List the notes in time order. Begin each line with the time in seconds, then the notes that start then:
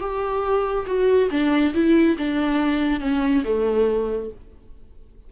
0.00 G4
0.86 F#4
1.31 D4
1.74 E4
2.18 D4
3.00 C#4
3.44 A3